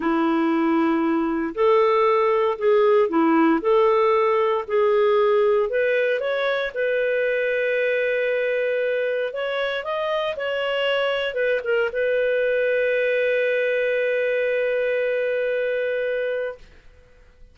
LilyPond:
\new Staff \with { instrumentName = "clarinet" } { \time 4/4 \tempo 4 = 116 e'2. a'4~ | a'4 gis'4 e'4 a'4~ | a'4 gis'2 b'4 | cis''4 b'2.~ |
b'2 cis''4 dis''4 | cis''2 b'8 ais'8 b'4~ | b'1~ | b'1 | }